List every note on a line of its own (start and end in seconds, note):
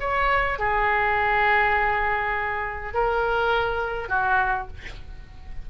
0.00 0.59 C#5
0.59 2.94 G#4
2.94 4.09 A#4
4.09 4.68 F#4